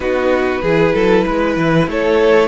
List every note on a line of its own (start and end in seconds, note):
0.00 0.62 B3
0.00 0.62 D#4
0.00 0.62 F#4
0.00 1.87 B4
0.62 0.93 E3
0.62 2.48 E4
0.62 0.93 G#4
0.93 1.25 F#3
0.93 1.24 A4
1.26 1.56 G#3
1.26 1.88 B4
1.56 1.87 E3
1.87 2.48 A3
1.87 2.48 A4
1.87 2.48 C#5